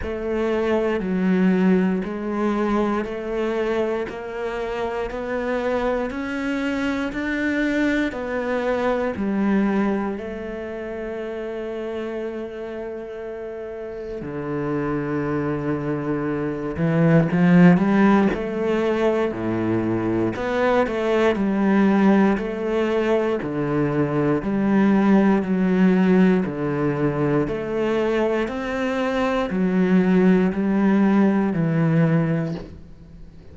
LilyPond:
\new Staff \with { instrumentName = "cello" } { \time 4/4 \tempo 4 = 59 a4 fis4 gis4 a4 | ais4 b4 cis'4 d'4 | b4 g4 a2~ | a2 d2~ |
d8 e8 f8 g8 a4 a,4 | b8 a8 g4 a4 d4 | g4 fis4 d4 a4 | c'4 fis4 g4 e4 | }